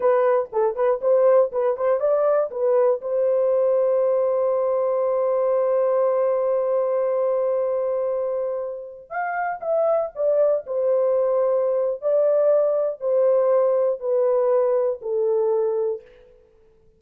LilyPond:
\new Staff \with { instrumentName = "horn" } { \time 4/4 \tempo 4 = 120 b'4 a'8 b'8 c''4 b'8 c''8 | d''4 b'4 c''2~ | c''1~ | c''1~ |
c''2~ c''16 f''4 e''8.~ | e''16 d''4 c''2~ c''8. | d''2 c''2 | b'2 a'2 | }